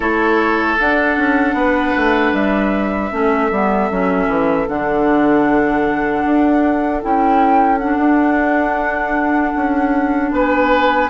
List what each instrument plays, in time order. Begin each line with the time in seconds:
0.00 bassoon A3, clarinet E4, oboe A4, flute C#5
0.79 bassoon D4, clarinet D4, flute F#5
1.17 bassoon C#4
1.53 bassoon B3, oboe B4
1.96 bassoon A3
2.32 bassoon G3, flute E5
3.11 bassoon A3, clarinet C#4, oboe A4
3.51 bassoon G3, clarinet B3
3.90 bassoon F#3, clarinet C#4
4.28 bassoon E3
4.67 bassoon D3, clarinet D4, flute F#5
6.25 bassoon D4
7.01 bassoon C#4, clarinet E4, flute G5
7.78 clarinet D4, flute F#5
7.97 bassoon D4
9.55 bassoon C#4
10.31 bassoon B3, oboe B4, flute G#5